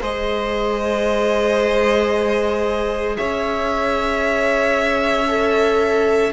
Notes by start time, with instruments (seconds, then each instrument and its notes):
0.00 cello G#3, viola G#4, violin C5 D#5
3.17 cello C#4, violin C#5 E5
5.28 viola A4